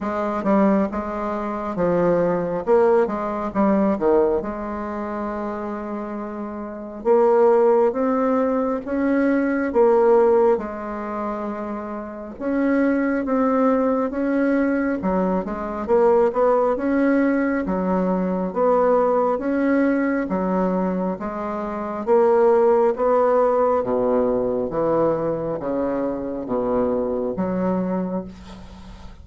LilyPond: \new Staff \with { instrumentName = "bassoon" } { \time 4/4 \tempo 4 = 68 gis8 g8 gis4 f4 ais8 gis8 | g8 dis8 gis2. | ais4 c'4 cis'4 ais4 | gis2 cis'4 c'4 |
cis'4 fis8 gis8 ais8 b8 cis'4 | fis4 b4 cis'4 fis4 | gis4 ais4 b4 b,4 | e4 cis4 b,4 fis4 | }